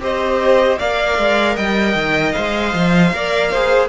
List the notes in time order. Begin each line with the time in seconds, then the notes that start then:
0.00 C4 G4 C5 D#5
0.79 A#3 A#4 D5 F5
1.18 G#3
1.56 G3 D#5 G5
1.95 D#3
2.32 G#3 C5 F5
2.74 F3
3.12 A#3 A#4 D5
3.51 G#4 C5